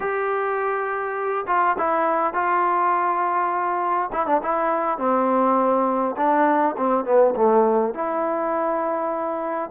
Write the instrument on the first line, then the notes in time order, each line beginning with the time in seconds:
trombone
0.00 G4
1.47 F4
1.78 E4
2.33 F4
4.12 E4
4.26 D4
4.42 E4
4.98 C4
6.16 D4
6.77 C4
7.04 B3
7.36 A3
7.94 E4